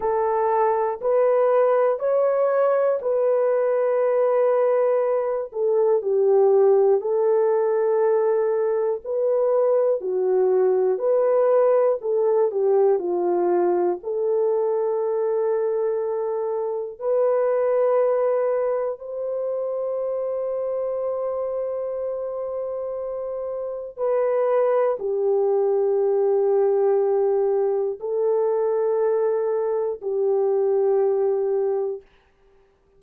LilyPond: \new Staff \with { instrumentName = "horn" } { \time 4/4 \tempo 4 = 60 a'4 b'4 cis''4 b'4~ | b'4. a'8 g'4 a'4~ | a'4 b'4 fis'4 b'4 | a'8 g'8 f'4 a'2~ |
a'4 b'2 c''4~ | c''1 | b'4 g'2. | a'2 g'2 | }